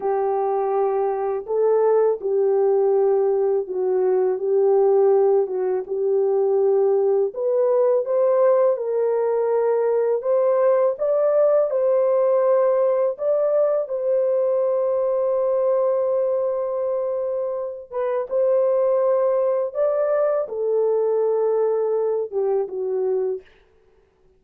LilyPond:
\new Staff \with { instrumentName = "horn" } { \time 4/4 \tempo 4 = 82 g'2 a'4 g'4~ | g'4 fis'4 g'4. fis'8 | g'2 b'4 c''4 | ais'2 c''4 d''4 |
c''2 d''4 c''4~ | c''1~ | c''8 b'8 c''2 d''4 | a'2~ a'8 g'8 fis'4 | }